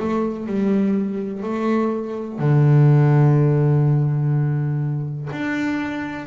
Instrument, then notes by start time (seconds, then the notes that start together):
double bass
0.00 A3
0.47 G3
1.43 A3
2.39 D3
5.33 D4